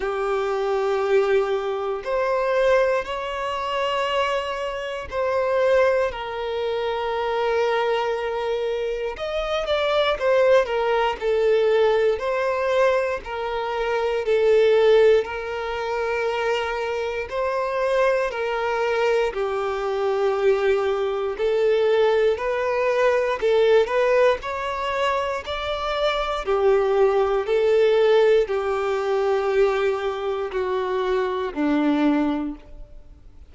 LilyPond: \new Staff \with { instrumentName = "violin" } { \time 4/4 \tempo 4 = 59 g'2 c''4 cis''4~ | cis''4 c''4 ais'2~ | ais'4 dis''8 d''8 c''8 ais'8 a'4 | c''4 ais'4 a'4 ais'4~ |
ais'4 c''4 ais'4 g'4~ | g'4 a'4 b'4 a'8 b'8 | cis''4 d''4 g'4 a'4 | g'2 fis'4 d'4 | }